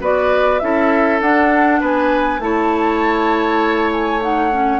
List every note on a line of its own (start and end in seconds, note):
0.00 0.60 B3
0.00 0.60 F#4
0.00 0.60 B4
0.00 0.59 D5
0.59 1.21 C#4
0.59 1.20 E4
0.59 1.80 A4
0.59 1.19 E5
1.21 1.81 D4
1.21 2.41 D4
1.21 1.81 F#5
1.80 2.39 B3
1.80 2.40 B4
1.80 2.41 G#5
2.39 4.79 A3
2.39 4.20 E4
2.39 4.80 C#5
2.39 3.91 A5
3.91 4.21 G#5
4.20 4.50 D#4
4.20 4.80 F#5
4.51 4.80 C#4